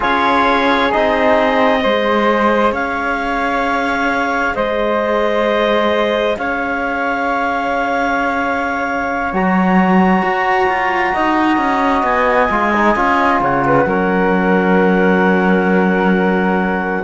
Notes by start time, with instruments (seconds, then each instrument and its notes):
0.00 cello C#4, trombone F4, flute G#4, clarinet C#5
0.91 cello C4, trombone D#4, clarinet D#5
1.81 cello G#3, trombone G#4, flute C5
2.71 cello C#4, flute C#5, clarinet F5
4.55 cello G#3, flute C5, clarinet D#5
6.37 cello C#4, flute C#5, clarinet F5
9.32 cello F#3, trombone F#4, clarinet A#5
10.22 cello F#4
10.68 cello F4
11.13 cello D#4, flute D#5
11.57 cello C#4
12.02 cello B3, clarinet G#5
12.50 cello G#3, trombone F4
12.74 trombone D#4
12.95 cello C#4, trombone F4
13.40 cello C#3, flute C#5, clarinet F#5
13.66 flute B4
13.85 cello F#3, trombone C#4, flute A#4